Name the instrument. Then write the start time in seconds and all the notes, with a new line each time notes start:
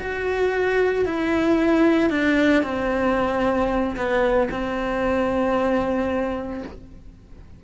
cello
0.00 F#4
1.06 E4
2.10 D4
2.64 C4
3.97 B3
4.51 C4